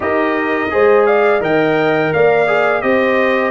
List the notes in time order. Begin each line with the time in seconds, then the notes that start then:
0.00 D#4 G4 A#4 D#5
0.70 G#3 G#4 C5
1.06 D5 F5
1.40 D#3 A#4 D#5 G5
2.13 A#3 D5 F5
2.47 G#4
2.81 C4 G4 C5 D#5